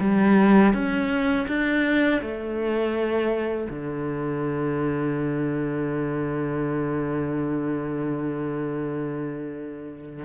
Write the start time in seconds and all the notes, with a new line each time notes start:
0.00 G3
0.73 C#4
1.47 D4
2.21 A3
3.70 D3